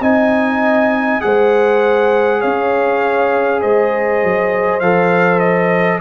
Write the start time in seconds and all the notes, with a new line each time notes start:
0.00 C4 D#4 D#5 G#5
1.20 G#3 G#4 C5 F#5
2.40 C#4 C#5 F5
3.61 G#3 C5 D#5
4.23 F#3
4.79 F3 A4 F5
5.39 D#5